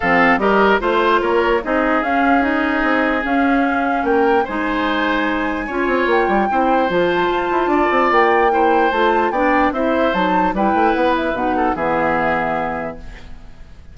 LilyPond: <<
  \new Staff \with { instrumentName = "flute" } { \time 4/4 \tempo 4 = 148 f''4 dis''4 c''4 cis''4 | dis''4 f''4 dis''2 | f''2 g''4 gis''4~ | gis''2. g''4~ |
g''4 a''2. | g''2 a''4 g''4 | e''4 a''4 g''4 fis''8 e''8 | fis''4 e''2. | }
  \new Staff \with { instrumentName = "oboe" } { \time 4/4 a'4 ais'4 c''4 ais'4 | gis'1~ | gis'2 ais'4 c''4~ | c''2 cis''2 |
c''2. d''4~ | d''4 c''2 d''4 | c''2 b'2~ | b'8 a'8 gis'2. | }
  \new Staff \with { instrumentName = "clarinet" } { \time 4/4 c'4 g'4 f'2 | dis'4 cis'4 dis'2 | cis'2. dis'4~ | dis'2 f'2 |
e'4 f'2.~ | f'4 e'4 f'4 d'4 | e'4 dis'4 e'2 | dis'4 b2. | }
  \new Staff \with { instrumentName = "bassoon" } { \time 4/4 f4 g4 a4 ais4 | c'4 cis'2 c'4 | cis'2 ais4 gis4~ | gis2 cis'8 c'8 ais8 g8 |
c'4 f4 f'8 e'8 d'8 c'8 | ais2 a4 b4 | c'4 fis4 g8 a8 b4 | b,4 e2. | }
>>